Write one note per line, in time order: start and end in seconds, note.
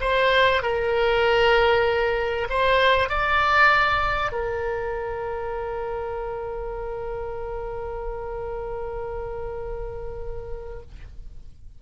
0.00 0.62 C5
0.62 2.47 A#4
2.49 3.09 C5
3.09 4.32 D5
4.32 10.81 A#4